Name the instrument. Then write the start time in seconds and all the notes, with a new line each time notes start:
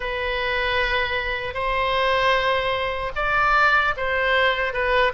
oboe
0.00 B4
1.54 C5
3.15 D5
3.96 C5
4.73 B4